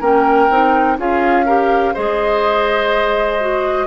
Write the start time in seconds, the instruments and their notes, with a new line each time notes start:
0.00 bassoon A#3, clarinet C#4, oboe A#4, flute G5
0.49 bassoon C4, clarinet D#4
0.98 bassoon C#4, clarinet F4, oboe G#4, flute F5
1.46 clarinet G4, oboe A#4
1.93 bassoon G#3, clarinet G#4, oboe C5, flute D#5
3.40 clarinet F#4